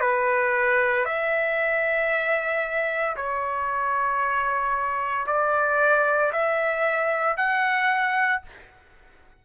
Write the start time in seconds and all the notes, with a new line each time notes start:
0.00 B4
1.05 E5
3.16 C#5
5.27 D5
6.32 E5
7.37 F#5